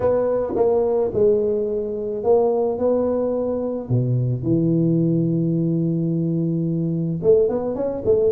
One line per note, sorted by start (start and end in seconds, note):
0.00 0.53 B3
0.55 1.11 A#3
1.13 2.23 G#3
2.23 2.78 A#3
2.78 3.89 B3
3.89 4.42 B2
4.42 7.20 E3
7.22 7.48 A3
7.48 7.75 B3
7.75 8.03 C#4
8.05 8.32 A3